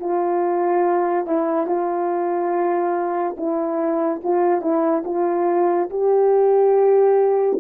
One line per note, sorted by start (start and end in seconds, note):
0.00 1.27 F4
1.27 1.67 E4
1.67 3.36 F4
3.38 4.22 E4
4.24 4.62 F4
4.62 5.04 E4
5.05 5.90 F4
5.90 7.59 G4